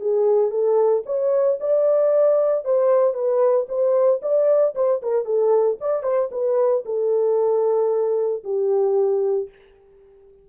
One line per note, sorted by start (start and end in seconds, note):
0.00 0.50 G#4
0.50 1.03 A4
1.06 1.58 C#5
1.60 2.65 D5
2.65 3.14 C5
3.14 3.66 B4
3.68 4.21 C5
4.22 4.74 D5
4.75 5.01 C5
5.02 5.25 A#4
5.25 5.78 A4
5.80 6.03 D5
6.03 6.29 C5
6.31 6.84 B4
6.85 8.43 A4
8.44 9.49 G4